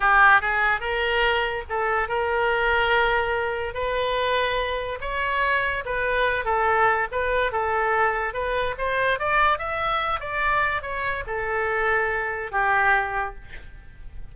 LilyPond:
\new Staff \with { instrumentName = "oboe" } { \time 4/4 \tempo 4 = 144 g'4 gis'4 ais'2 | a'4 ais'2.~ | ais'4 b'2. | cis''2 b'4. a'8~ |
a'4 b'4 a'2 | b'4 c''4 d''4 e''4~ | e''8 d''4. cis''4 a'4~ | a'2 g'2 | }